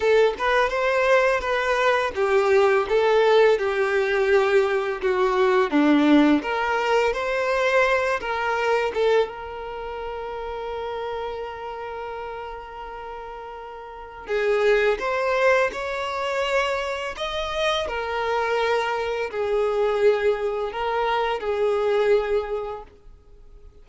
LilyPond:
\new Staff \with { instrumentName = "violin" } { \time 4/4 \tempo 4 = 84 a'8 b'8 c''4 b'4 g'4 | a'4 g'2 fis'4 | d'4 ais'4 c''4. ais'8~ | ais'8 a'8 ais'2.~ |
ais'1 | gis'4 c''4 cis''2 | dis''4 ais'2 gis'4~ | gis'4 ais'4 gis'2 | }